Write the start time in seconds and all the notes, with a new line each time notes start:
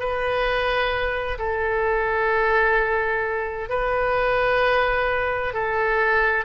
0.00 B4
1.38 A4
3.70 B4
5.54 A4